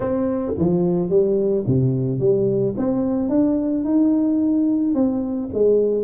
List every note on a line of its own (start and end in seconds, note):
0.00 0.52 C4
0.58 1.09 F3
1.09 1.64 G3
1.67 2.19 C3
2.19 2.74 G3
2.77 3.29 C4
3.29 3.84 D4
3.84 4.94 D#4
4.94 5.49 C4
5.53 6.04 G#3